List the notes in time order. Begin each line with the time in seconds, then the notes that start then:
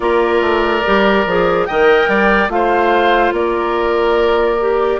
0.00 A#3 F4 A#4 D5
0.41 A3
0.84 G3 G4
1.26 F3 G#4
1.65 D#3 A#4 D#5 G5
2.07 G3 D5
2.48 A3 F4 F5
2.54 C5
3.32 A#3 A#4 D5
4.60 G4